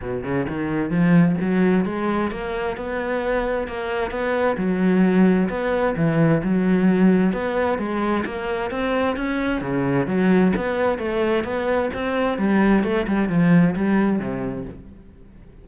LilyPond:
\new Staff \with { instrumentName = "cello" } { \time 4/4 \tempo 4 = 131 b,8 cis8 dis4 f4 fis4 | gis4 ais4 b2 | ais4 b4 fis2 | b4 e4 fis2 |
b4 gis4 ais4 c'4 | cis'4 cis4 fis4 b4 | a4 b4 c'4 g4 | a8 g8 f4 g4 c4 | }